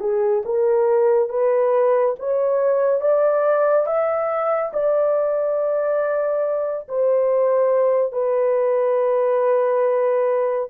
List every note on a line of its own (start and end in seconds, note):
0.00 0.43 G#4
0.45 1.29 A#4
1.29 2.15 B4
2.19 3.00 C#5
3.00 3.86 D5
3.86 4.72 E5
4.73 6.87 D5
6.88 8.12 C5
8.12 10.69 B4